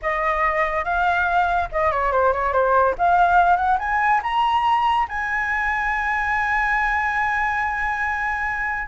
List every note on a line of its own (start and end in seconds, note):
0.01 0.84 D#5
0.84 1.68 F5
1.72 1.91 D#5
1.91 2.12 C#5
2.12 2.33 C5
2.33 2.52 C#5
2.52 2.94 C5
2.98 3.56 F5
3.56 3.77 F#5
3.78 4.21 G#5
4.22 5.07 A#5
5.08 8.88 G#5